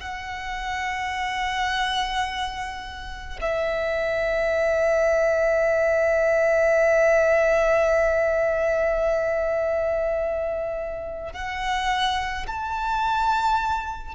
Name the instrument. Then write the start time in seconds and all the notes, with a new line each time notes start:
violin
0.00 F#5
3.41 E5
11.33 F#5
12.47 A5